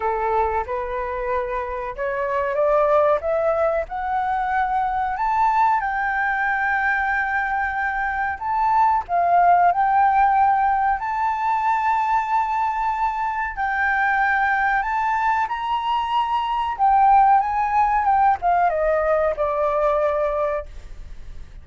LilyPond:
\new Staff \with { instrumentName = "flute" } { \time 4/4 \tempo 4 = 93 a'4 b'2 cis''4 | d''4 e''4 fis''2 | a''4 g''2.~ | g''4 a''4 f''4 g''4~ |
g''4 a''2.~ | a''4 g''2 a''4 | ais''2 g''4 gis''4 | g''8 f''8 dis''4 d''2 | }